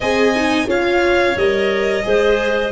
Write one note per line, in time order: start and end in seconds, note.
0.00 0.67 C4
0.00 0.35 G#4
0.00 0.68 D#5
0.00 0.69 G#5
0.35 0.67 D#4
0.67 1.35 C#4
0.67 1.35 F4
0.67 2.04 C#5
0.67 1.37 F5
1.36 2.04 G3
1.36 2.02 A#4
1.36 2.72 D#5
2.02 2.72 G#3
2.02 2.71 G#4
2.02 2.72 C5